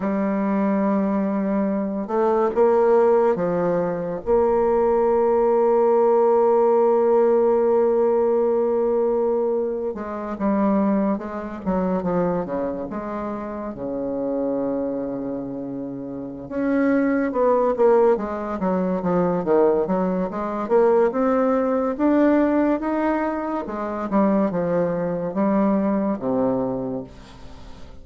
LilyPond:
\new Staff \with { instrumentName = "bassoon" } { \time 4/4 \tempo 4 = 71 g2~ g8 a8 ais4 | f4 ais2.~ | ais2.~ ais8. gis16~ | gis16 g4 gis8 fis8 f8 cis8 gis8.~ |
gis16 cis2.~ cis16 cis'8~ | cis'8 b8 ais8 gis8 fis8 f8 dis8 fis8 | gis8 ais8 c'4 d'4 dis'4 | gis8 g8 f4 g4 c4 | }